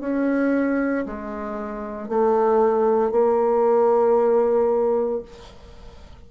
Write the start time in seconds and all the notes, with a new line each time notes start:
0.00 C#4
1.06 G#3
2.09 A3
3.11 A#3